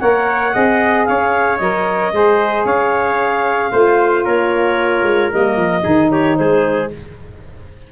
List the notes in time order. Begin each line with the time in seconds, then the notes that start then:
0.00 A#3 A#4 C#5 F#5
0.52 C4 G#4 D#5
1.05 C#4 C#5 F5
1.58 F#3 A#4 D#5
2.12 G#3 G#4 C5
2.65 C#4 C#5 F5
3.71 A3 F4 C5
4.25 A#3 A#4 C#5
5.03 G#3
5.31 G3 A#3 D#5
5.56 F3
5.82 D#3 D#4 G#4
6.11 G4 C#5
6.36 G#3 G#4 C5